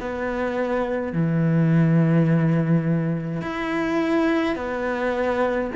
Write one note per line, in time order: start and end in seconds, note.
0.00 1.13 B3
1.13 3.41 E3
3.41 4.55 E4
4.55 5.71 B3